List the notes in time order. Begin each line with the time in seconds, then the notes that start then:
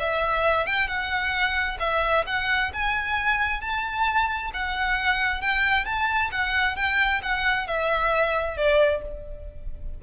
0.00 E5
0.67 G5
0.88 F#5
1.80 E5
2.27 F#5
2.74 G#5
3.61 A5
4.54 F#5
5.42 G5
5.86 A5
6.32 F#5
6.76 G5
7.23 F#5
7.68 E5
8.57 D5